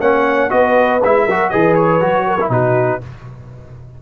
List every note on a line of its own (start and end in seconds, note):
0.00 0.50 A#3
0.00 0.49 C#4
0.00 0.51 C#5
0.00 0.50 F#5
0.49 1.01 B3
0.49 0.99 F#4
0.49 1.25 B4
0.49 1.00 D#5
1.04 1.26 G#3
1.04 1.29 E4
1.04 1.49 E5
1.25 1.51 F#3
1.25 1.51 F#4
1.25 1.50 A#4
1.49 2.01 E3
1.49 2.00 G#4
1.49 2.26 B4
1.49 1.74 D#5
1.74 2.49 C#5
2.00 2.49 F#3
2.00 2.38 F#4
2.27 2.51 A#4
2.40 2.50 E4
2.49 2.99 B2
2.49 3.00 D#4
2.49 3.01 F#4
2.49 3.02 B4